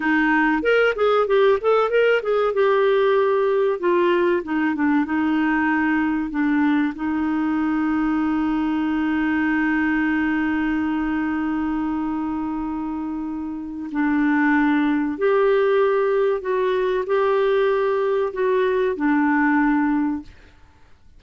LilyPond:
\new Staff \with { instrumentName = "clarinet" } { \time 4/4 \tempo 4 = 95 dis'4 ais'8 gis'8 g'8 a'8 ais'8 gis'8 | g'2 f'4 dis'8 d'8 | dis'2 d'4 dis'4~ | dis'1~ |
dis'1~ | dis'2 d'2 | g'2 fis'4 g'4~ | g'4 fis'4 d'2 | }